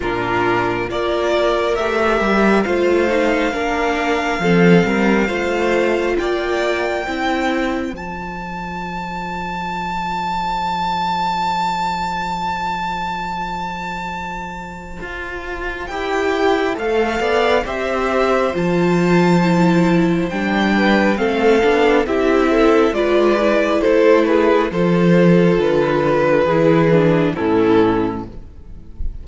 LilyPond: <<
  \new Staff \with { instrumentName = "violin" } { \time 4/4 \tempo 4 = 68 ais'4 d''4 e''4 f''4~ | f''2. g''4~ | g''4 a''2.~ | a''1~ |
a''2 g''4 f''4 | e''4 a''2 g''4 | f''4 e''4 d''4 c''8 b'8 | c''4 b'2 a'4 | }
  \new Staff \with { instrumentName = "violin" } { \time 4/4 f'4 ais'2 c''4 | ais'4 a'8 ais'8 c''4 d''4 | c''1~ | c''1~ |
c''2.~ c''8 d''8 | c''2.~ c''8 b'8 | a'4 g'8 a'8 b'4 a'8 gis'8 | a'2 gis'4 e'4 | }
  \new Staff \with { instrumentName = "viola" } { \time 4/4 d'4 f'4 g'4 f'8 dis'8 | d'4 c'4 f'2 | e'4 f'2.~ | f'1~ |
f'2 g'4 a'4 | g'4 f'4 e'4 d'4 | c'8 d'8 e'4 f'8 e'4. | f'2 e'8 d'8 cis'4 | }
  \new Staff \with { instrumentName = "cello" } { \time 4/4 ais,4 ais4 a8 g8 a4 | ais4 f8 g8 a4 ais4 | c'4 f2.~ | f1~ |
f4 f'4 e'4 a8 b8 | c'4 f2 g4 | a8 b8 c'4 gis4 a4 | f4 d4 e4 a,4 | }
>>